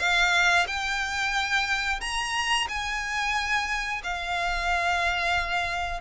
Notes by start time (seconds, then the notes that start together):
0.00 F5
0.67 G5
2.01 A#5
2.69 G#5
4.04 F5